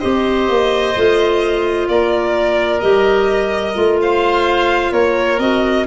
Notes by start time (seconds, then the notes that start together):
0.00 C4 G4 C5 D#5
0.49 A#3
0.96 A3 F4
1.88 A#3 A#4 D5
2.81 G3 G4 D#5
3.75 A3 F4
4.02 C5 F5
4.92 A#3 A#4 C#5
5.38 C4 F#4 D#5